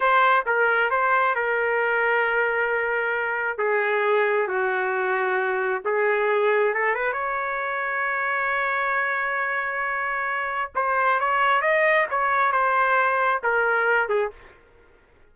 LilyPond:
\new Staff \with { instrumentName = "trumpet" } { \time 4/4 \tempo 4 = 134 c''4 ais'4 c''4 ais'4~ | ais'1 | gis'2 fis'2~ | fis'4 gis'2 a'8 b'8 |
cis''1~ | cis''1 | c''4 cis''4 dis''4 cis''4 | c''2 ais'4. gis'8 | }